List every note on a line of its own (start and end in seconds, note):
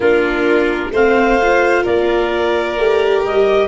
0.00 0.89 A#3
0.00 0.93 D4
0.00 0.89 F4
0.00 0.93 A#4
0.91 1.84 A3
0.91 1.41 C4
0.91 1.82 C5
0.91 1.85 F5
1.41 2.78 F4
1.82 2.77 A#3
1.82 3.67 A#4
1.82 3.23 D5
2.77 3.23 A3
2.77 3.68 G4
3.23 3.68 G3
3.23 3.68 D#5